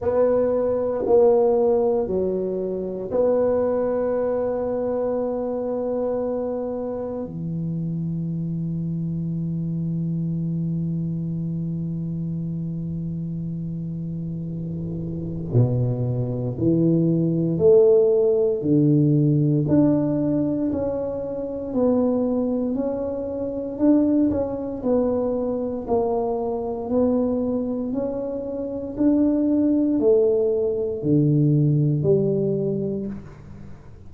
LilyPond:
\new Staff \with { instrumentName = "tuba" } { \time 4/4 \tempo 4 = 58 b4 ais4 fis4 b4~ | b2. e4~ | e1~ | e2. b,4 |
e4 a4 d4 d'4 | cis'4 b4 cis'4 d'8 cis'8 | b4 ais4 b4 cis'4 | d'4 a4 d4 g4 | }